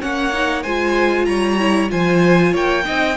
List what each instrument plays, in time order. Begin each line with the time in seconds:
0.00 cello A#3, viola C#4, violin C#5 F#5
0.33 viola D#4
0.63 cello G#3, viola F4, violin C5 G#5
1.25 cello G3, violin C#5 A#5
1.60 viola E4
1.88 cello F3, viola F4, violin C5 G#5
2.52 cello A#3, violin C#5 G5
2.84 cello C4, viola D#4, violin D#5